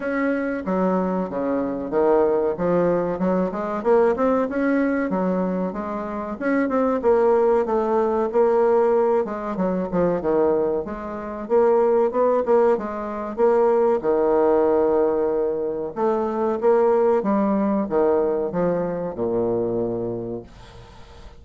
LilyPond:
\new Staff \with { instrumentName = "bassoon" } { \time 4/4 \tempo 4 = 94 cis'4 fis4 cis4 dis4 | f4 fis8 gis8 ais8 c'8 cis'4 | fis4 gis4 cis'8 c'8 ais4 | a4 ais4. gis8 fis8 f8 |
dis4 gis4 ais4 b8 ais8 | gis4 ais4 dis2~ | dis4 a4 ais4 g4 | dis4 f4 ais,2 | }